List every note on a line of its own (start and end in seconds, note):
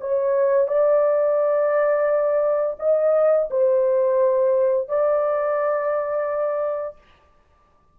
0.00 0.67 C#5
0.67 2.77 D5
2.79 3.49 D#5
3.50 4.88 C5
4.88 6.97 D5